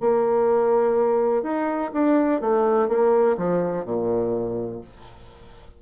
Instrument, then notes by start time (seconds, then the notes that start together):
bassoon
0.00 A#3
1.42 D#4
1.93 D4
2.40 A3
2.88 A#3
3.37 F3
3.84 A#2